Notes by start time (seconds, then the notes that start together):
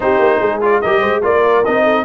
0.00 C4 D#4 G4 C5
0.18 A#3
0.38 G#3 G#4
0.61 F4 D5
0.81 G3 G4 A#4 D#5
1.00 G#3 C5
1.22 A#3 F4 A#4 D5
1.64 C4 D#4 D#5
1.83 A4